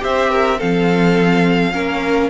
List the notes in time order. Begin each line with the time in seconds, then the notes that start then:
0.00 C4 G4 C5 E5
0.31 A#4
0.58 F3 C4 A4 F5
1.73 A#3 C#4 A#4